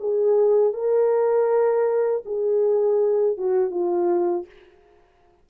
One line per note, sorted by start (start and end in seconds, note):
0.00 0.74 G#4
0.74 2.24 A#4
2.26 3.38 G#4
3.38 3.71 F#4
3.71 4.46 F4